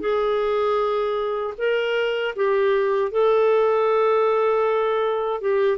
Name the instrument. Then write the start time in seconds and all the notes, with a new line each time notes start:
clarinet
0.00 G#4
1.58 A#4
2.35 G4
3.11 A4
5.41 G4